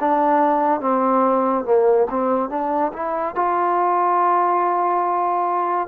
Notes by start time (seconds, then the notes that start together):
0.00 D4
0.81 C4
1.65 A#3
2.10 C4
2.50 D4
2.93 E4
3.35 F4